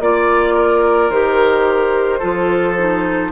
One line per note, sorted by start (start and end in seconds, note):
0.00 1.09 A#3
0.00 1.11 F4
0.00 1.10 D5
0.00 0.54 D5
0.54 2.19 A#4
1.09 2.20 D#3
1.09 2.20 G4
1.09 3.32 C5
2.19 3.32 F3
2.19 2.76 F4
2.19 3.30 A4
2.78 3.32 D#4